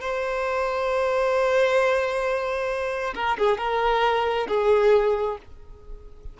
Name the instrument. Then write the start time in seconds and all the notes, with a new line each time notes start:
violin
0.00 C5
3.14 A#4
3.38 G#4
3.57 A#4
4.48 G#4